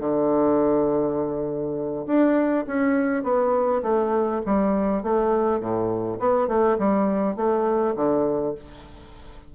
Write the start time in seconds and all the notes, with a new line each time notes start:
0.00 D3
2.06 D4
2.67 C#4
3.23 B3
3.82 A3
4.46 G3
5.03 A3
5.60 A2
6.20 B3
6.48 A3
6.79 G3
7.36 A3
7.96 D3